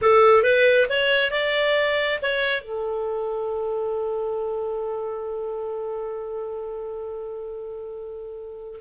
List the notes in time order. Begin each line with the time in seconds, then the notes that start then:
0.01 A4
0.43 B4
0.89 C#5
1.31 D5
2.22 C#5
2.61 A4